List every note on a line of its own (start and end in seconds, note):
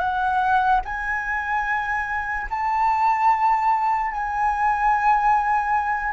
0.00 0.81 F#5
0.85 2.47 G#5
2.50 4.12 A5
4.12 6.13 G#5